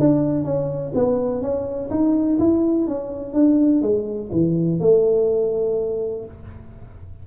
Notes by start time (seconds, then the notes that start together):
0.00 D4
0.44 C#4
0.95 B3
1.42 C#4
1.90 D#4
2.39 E4
2.88 C#4
3.34 D4
3.82 G#3
4.32 E3
4.80 A3